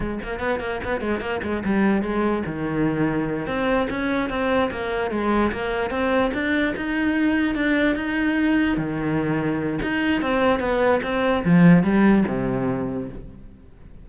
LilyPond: \new Staff \with { instrumentName = "cello" } { \time 4/4 \tempo 4 = 147 gis8 ais8 b8 ais8 b8 gis8 ais8 gis8 | g4 gis4 dis2~ | dis8 c'4 cis'4 c'4 ais8~ | ais8 gis4 ais4 c'4 d'8~ |
d'8 dis'2 d'4 dis'8~ | dis'4. dis2~ dis8 | dis'4 c'4 b4 c'4 | f4 g4 c2 | }